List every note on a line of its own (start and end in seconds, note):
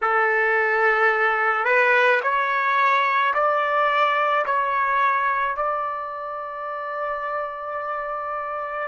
0.01 1.65 A4
1.65 2.20 B4
2.22 3.33 C#5
3.34 4.45 D5
4.45 5.56 C#5
5.56 8.87 D5